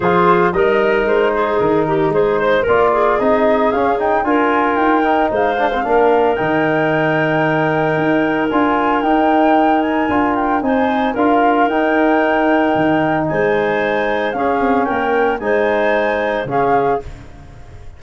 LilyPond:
<<
  \new Staff \with { instrumentName = "flute" } { \time 4/4 \tempo 4 = 113 c''4 dis''4 c''4 ais'4 | c''4 d''4 dis''4 f''8 g''8 | gis''4 g''4 f''2 | g''1 |
gis''4 g''4. gis''4 g''8 | gis''4 f''4 g''2~ | g''4 gis''2 f''4 | g''4 gis''2 f''4 | }
  \new Staff \with { instrumentName = "clarinet" } { \time 4/4 gis'4 ais'4. gis'4 g'8 | gis'8 c''8 ais'8 gis'2~ gis'8 | ais'2 c''4 ais'4~ | ais'1~ |
ais'1 | c''4 ais'2.~ | ais'4 c''2 gis'4 | ais'4 c''2 gis'4 | }
  \new Staff \with { instrumentName = "trombone" } { \time 4/4 f'4 dis'2.~ | dis'4 f'4 dis'4 cis'8 dis'8 | f'4. dis'4 d'16 c'16 d'4 | dis'1 |
f'4 dis'2 f'4 | dis'4 f'4 dis'2~ | dis'2. cis'4~ | cis'4 dis'2 cis'4 | }
  \new Staff \with { instrumentName = "tuba" } { \time 4/4 f4 g4 gis4 dis4 | gis4 ais4 c'4 cis'4 | d'4 dis'4 gis4 ais4 | dis2. dis'4 |
d'4 dis'2 d'4 | c'4 d'4 dis'2 | dis4 gis2 cis'8 c'8 | ais4 gis2 cis4 | }
>>